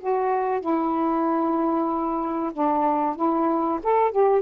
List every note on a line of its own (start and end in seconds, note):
0.00 0.61 F#4
0.61 2.52 E4
2.53 3.16 D4
3.16 3.80 E4
3.84 4.12 A4
4.12 4.42 G4